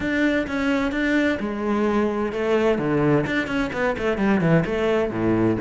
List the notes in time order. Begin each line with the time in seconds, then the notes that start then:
0.00 D4
0.47 C#4
0.91 D4
1.39 G#3
2.32 A3
2.78 D3
3.26 D4
3.47 C#4
3.73 B3
3.98 A3
4.17 G3
4.40 E3
4.65 A3
5.10 A2